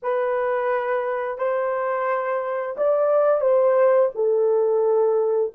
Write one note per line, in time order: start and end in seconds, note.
0.02 1.38 B4
1.38 2.76 C5
2.77 3.40 D5
3.40 4.09 C5
4.14 5.52 A4